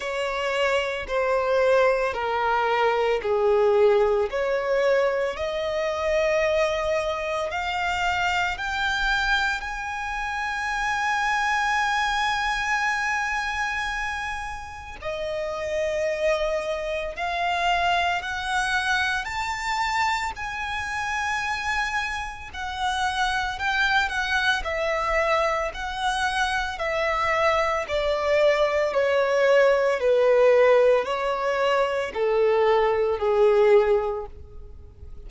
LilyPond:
\new Staff \with { instrumentName = "violin" } { \time 4/4 \tempo 4 = 56 cis''4 c''4 ais'4 gis'4 | cis''4 dis''2 f''4 | g''4 gis''2.~ | gis''2 dis''2 |
f''4 fis''4 a''4 gis''4~ | gis''4 fis''4 g''8 fis''8 e''4 | fis''4 e''4 d''4 cis''4 | b'4 cis''4 a'4 gis'4 | }